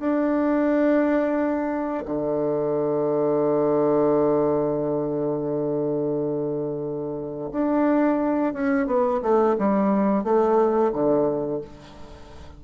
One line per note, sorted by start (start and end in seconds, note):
0.00 2.05 D4
2.05 7.51 D3
7.52 8.54 D4
8.54 8.87 C#4
8.87 9.21 B3
9.23 9.57 A3
9.59 10.24 G3
10.24 10.92 A3
10.93 11.61 D3